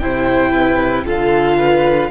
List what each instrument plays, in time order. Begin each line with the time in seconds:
0.00 cello C3, viola E4, violin C5 G5
0.53 violin B4
1.05 cello D3, viola F4, violin A4 F5
1.58 violin B4